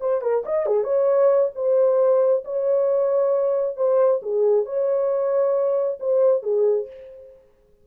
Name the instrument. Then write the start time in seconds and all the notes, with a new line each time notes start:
horn
0.00 C5
0.21 A#4
0.45 D#5
0.66 G#4
0.84 C#5
1.55 C5
2.44 C#5
3.77 C5
4.22 G#4
4.65 C#5
6.00 C5
6.43 G#4